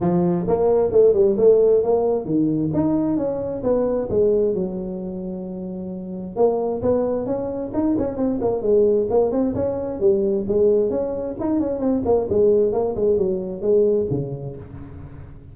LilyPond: \new Staff \with { instrumentName = "tuba" } { \time 4/4 \tempo 4 = 132 f4 ais4 a8 g8 a4 | ais4 dis4 dis'4 cis'4 | b4 gis4 fis2~ | fis2 ais4 b4 |
cis'4 dis'8 cis'8 c'8 ais8 gis4 | ais8 c'8 cis'4 g4 gis4 | cis'4 dis'8 cis'8 c'8 ais8 gis4 | ais8 gis8 fis4 gis4 cis4 | }